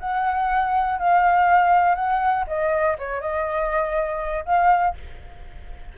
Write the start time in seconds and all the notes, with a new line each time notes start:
0.00 F#5
0.99 F5
1.96 F#5
2.47 D#5
2.99 C#5
3.21 D#5
4.46 F5